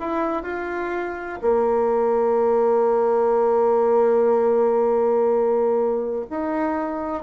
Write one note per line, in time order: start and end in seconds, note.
0.00 0.43 E4
0.43 1.40 F4
1.42 6.26 A#3
6.30 7.23 D#4